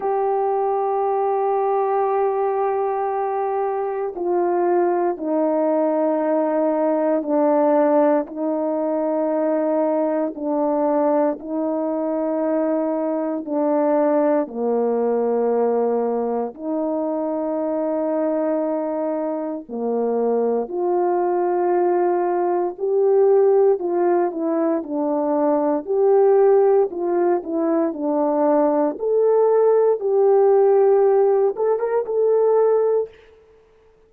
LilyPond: \new Staff \with { instrumentName = "horn" } { \time 4/4 \tempo 4 = 58 g'1 | f'4 dis'2 d'4 | dis'2 d'4 dis'4~ | dis'4 d'4 ais2 |
dis'2. ais4 | f'2 g'4 f'8 e'8 | d'4 g'4 f'8 e'8 d'4 | a'4 g'4. a'16 ais'16 a'4 | }